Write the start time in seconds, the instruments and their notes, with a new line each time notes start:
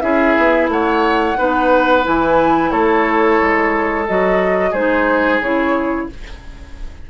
0.00 bassoon C#4, clarinet E4, oboe G#4, flute E5
0.37 bassoon B3
0.68 bassoon A3, oboe C#5, flute F#5
1.37 bassoon B3, clarinet D#4, oboe B4
2.03 bassoon E3, clarinet E4, flute G#5
2.71 bassoon A3, oboe A4, flute C#5
3.41 bassoon G#3
4.06 bassoon F#3, clarinet F#4, flute D#5
4.71 bassoon G#3, clarinet D#4, oboe G#4, flute C5
5.41 bassoon C#3, clarinet E4, flute C#5